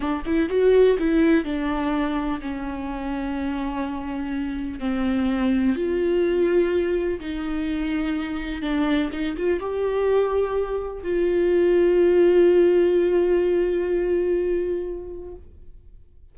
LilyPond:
\new Staff \with { instrumentName = "viola" } { \time 4/4 \tempo 4 = 125 d'8 e'8 fis'4 e'4 d'4~ | d'4 cis'2.~ | cis'2 c'2 | f'2. dis'4~ |
dis'2 d'4 dis'8 f'8 | g'2. f'4~ | f'1~ | f'1 | }